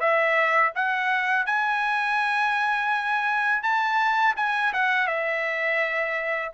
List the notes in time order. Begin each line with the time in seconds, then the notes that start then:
0.00 E5
0.75 F#5
1.46 G#5
3.63 A5
4.37 G#5
4.73 F#5
5.07 E5